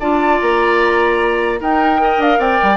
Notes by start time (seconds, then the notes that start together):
0.00 D4 F4 D5 A5
0.41 A#3 A#5
1.60 D#4 A#4 G5
1.98 A#4 D#5
2.18 D4 F5
2.39 C4 D5 G5
2.63 G3